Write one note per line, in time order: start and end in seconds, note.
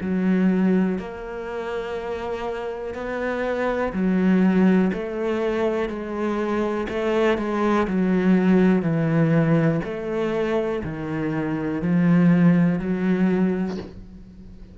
0.00 0.98 F#3
0.98 2.94 A#3
2.94 3.92 B3
3.93 4.91 F#3
4.93 5.89 A3
5.89 6.87 G#3
6.89 7.37 A3
7.37 7.86 G#3
7.87 8.82 F#3
8.82 9.80 E3
9.84 10.82 A3
10.83 11.81 D#3
11.82 12.79 F3
12.79 13.77 F#3